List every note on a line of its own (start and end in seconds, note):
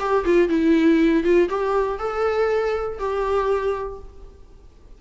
0.00 0.25 G4
0.25 0.49 F4
0.49 1.24 E4
1.24 1.49 F4
1.50 1.99 G4
1.99 2.99 A4
2.99 3.99 G4